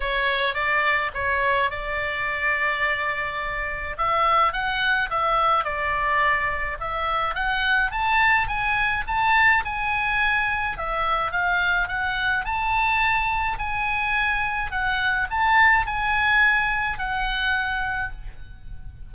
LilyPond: \new Staff \with { instrumentName = "oboe" } { \time 4/4 \tempo 4 = 106 cis''4 d''4 cis''4 d''4~ | d''2. e''4 | fis''4 e''4 d''2 | e''4 fis''4 a''4 gis''4 |
a''4 gis''2 e''4 | f''4 fis''4 a''2 | gis''2 fis''4 a''4 | gis''2 fis''2 | }